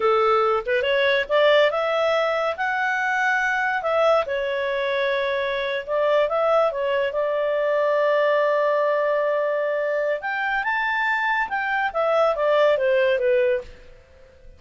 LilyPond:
\new Staff \with { instrumentName = "clarinet" } { \time 4/4 \tempo 4 = 141 a'4. b'8 cis''4 d''4 | e''2 fis''2~ | fis''4 e''4 cis''2~ | cis''4.~ cis''16 d''4 e''4 cis''16~ |
cis''8. d''2.~ d''16~ | d''1 | g''4 a''2 g''4 | e''4 d''4 c''4 b'4 | }